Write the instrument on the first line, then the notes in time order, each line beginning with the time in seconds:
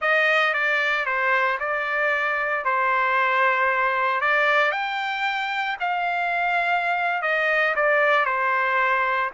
trumpet
0.01 D#5
0.53 D5
1.05 C5
1.59 D5
2.65 C5
4.21 D5
4.71 G5
5.80 F5
7.22 D#5
7.75 D5
8.25 C5